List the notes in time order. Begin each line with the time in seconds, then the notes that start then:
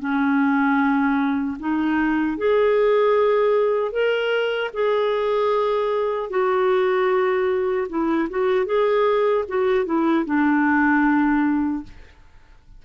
0.00 C#4
1.60 D#4
2.38 G#4
3.92 A#4
4.74 G#4
6.30 F#4
7.89 E4
8.30 F#4
8.66 G#4
9.49 F#4
9.86 E4
10.26 D4